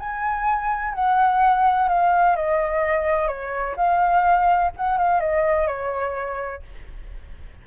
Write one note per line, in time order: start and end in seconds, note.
0.00 0.94 G#5
0.94 1.89 F#5
1.89 2.36 F5
2.37 3.28 D#5
3.28 3.76 C#5
3.77 4.72 F5
4.77 4.98 F#5
4.98 5.21 F5
5.21 5.68 D#5
5.68 6.63 C#5